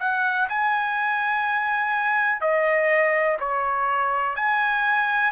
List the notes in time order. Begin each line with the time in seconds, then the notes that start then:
0.00 F#5
0.49 G#5
2.41 D#5
3.40 C#5
4.36 G#5